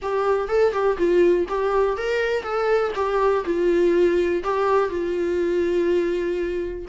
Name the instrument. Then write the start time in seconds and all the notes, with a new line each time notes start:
viola
0.02 G4
0.48 A4
0.72 G4
0.97 F4
1.48 G4
1.97 A#4
2.43 A4
2.95 G4
3.44 F4
4.43 G4
4.89 F4